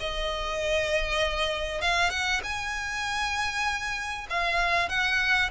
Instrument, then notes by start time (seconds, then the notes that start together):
violin
0.00 D#5
1.82 F5
2.11 F#5
2.44 G#5
4.30 F5
4.90 F#5